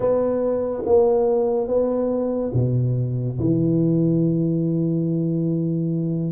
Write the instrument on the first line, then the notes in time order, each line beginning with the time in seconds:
tuba
0.00 B3
0.85 A#3
1.67 B3
2.54 B2
3.39 E3